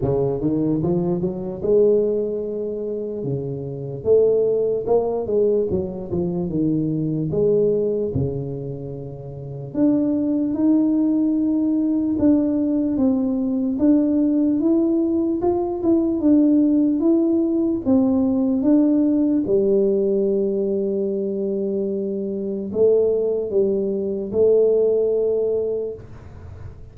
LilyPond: \new Staff \with { instrumentName = "tuba" } { \time 4/4 \tempo 4 = 74 cis8 dis8 f8 fis8 gis2 | cis4 a4 ais8 gis8 fis8 f8 | dis4 gis4 cis2 | d'4 dis'2 d'4 |
c'4 d'4 e'4 f'8 e'8 | d'4 e'4 c'4 d'4 | g1 | a4 g4 a2 | }